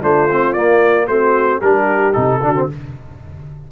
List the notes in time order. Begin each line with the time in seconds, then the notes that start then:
0.00 A3 D4 F4 C5
0.31 C4
0.53 A#3 D5
1.07 A3 C4 F#4 C5
1.60 G3 D4 G4 A#4
2.13 C3 D#4 A4
2.42 D3 D4 F#4
2.55 C4